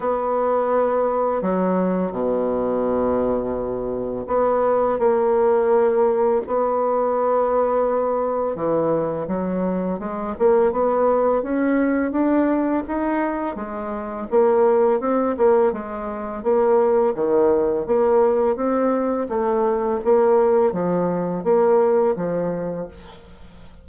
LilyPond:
\new Staff \with { instrumentName = "bassoon" } { \time 4/4 \tempo 4 = 84 b2 fis4 b,4~ | b,2 b4 ais4~ | ais4 b2. | e4 fis4 gis8 ais8 b4 |
cis'4 d'4 dis'4 gis4 | ais4 c'8 ais8 gis4 ais4 | dis4 ais4 c'4 a4 | ais4 f4 ais4 f4 | }